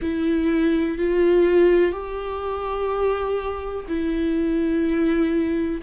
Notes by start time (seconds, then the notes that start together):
0.01 E4
0.98 F4
1.92 G4
3.88 E4